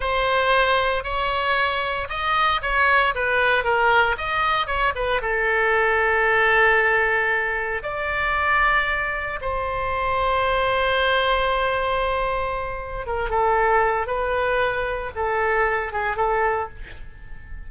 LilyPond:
\new Staff \with { instrumentName = "oboe" } { \time 4/4 \tempo 4 = 115 c''2 cis''2 | dis''4 cis''4 b'4 ais'4 | dis''4 cis''8 b'8 a'2~ | a'2. d''4~ |
d''2 c''2~ | c''1~ | c''4 ais'8 a'4. b'4~ | b'4 a'4. gis'8 a'4 | }